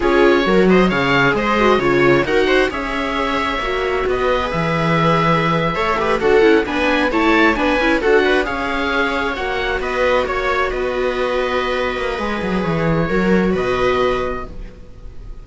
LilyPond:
<<
  \new Staff \with { instrumentName = "oboe" } { \time 4/4 \tempo 4 = 133 cis''4. dis''8 f''4 dis''4 | cis''4 fis''4 e''2~ | e''4 dis''4 e''2~ | e''4.~ e''16 fis''4 gis''4 a''16~ |
a''8. gis''4 fis''4 f''4~ f''16~ | f''8. fis''4 dis''4 cis''4 dis''16~ | dis''1 | cis''2 dis''2 | }
  \new Staff \with { instrumentName = "viola" } { \time 4/4 gis'4 ais'8 c''8 cis''4 c''4 | cis''4 ais'8 c''8 cis''2~ | cis''4 b'2.~ | b'8. cis''8 b'8 a'4 b'4 cis''16~ |
cis''8. b'4 a'8 b'8 cis''4~ cis''16~ | cis''4.~ cis''16 b'4 cis''4 b'16~ | b'1~ | b'4 ais'4 b'2 | }
  \new Staff \with { instrumentName = "viola" } { \time 4/4 f'4 fis'4 gis'4. fis'8 | f'4 fis'4 gis'2 | fis'4.~ fis'16 gis'2~ gis'16~ | gis'8. a'8 g'8 fis'8 e'8 d'4 e'16~ |
e'8. d'8 e'8 fis'4 gis'4~ gis'16~ | gis'8. fis'2.~ fis'16~ | fis'2. gis'4~ | gis'4 fis'2. | }
  \new Staff \with { instrumentName = "cello" } { \time 4/4 cis'4 fis4 cis4 gis4 | cis4 dis'4 cis'2 | ais4 b4 e2~ | e8. a4 d'8 cis'8 b4 a16~ |
a8. b8 cis'8 d'4 cis'4~ cis'16~ | cis'8. ais4 b4 ais4 b16~ | b2~ b8 ais8 gis8 fis8 | e4 fis4 b,2 | }
>>